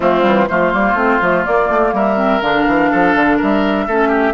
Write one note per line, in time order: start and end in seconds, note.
0.00 0.24 F3
0.00 0.21 A3
0.00 0.48 C4
0.00 0.47 F4
0.21 0.49 E3
0.21 0.46 G3
0.47 0.73 F3
0.47 0.72 A3
0.47 1.95 F4
0.47 1.44 C5
0.72 0.94 G3
0.72 0.96 A#3
0.94 1.18 A3
0.94 1.21 C4
1.21 1.45 F3
1.21 1.44 A3
1.44 2.16 A#3
1.44 1.69 A#3
1.44 1.93 D5
1.69 1.93 A3
1.93 2.41 G3
1.93 2.90 A#4
1.93 2.41 E5
2.16 2.40 C4
2.41 2.65 D3
2.41 3.89 D4
2.41 3.38 F5
2.67 2.91 E3
2.90 3.15 F3
2.90 3.36 A4
3.15 3.39 D3
3.36 3.87 G3
3.36 3.85 A#4
3.36 4.34 E5
3.87 4.34 A3
3.87 4.34 C#4
3.87 4.08 A4
4.08 4.32 G4